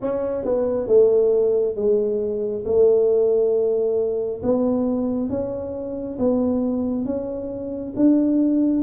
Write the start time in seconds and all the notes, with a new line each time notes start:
0.01 C#4
0.44 B3
0.87 A3
1.75 G#3
2.65 A3
4.42 B3
5.29 C#4
6.18 B3
7.05 C#4
7.96 D4